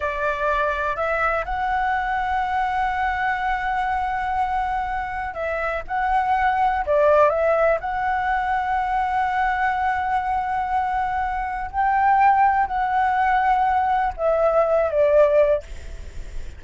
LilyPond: \new Staff \with { instrumentName = "flute" } { \time 4/4 \tempo 4 = 123 d''2 e''4 fis''4~ | fis''1~ | fis''2. e''4 | fis''2 d''4 e''4 |
fis''1~ | fis''1 | g''2 fis''2~ | fis''4 e''4. d''4. | }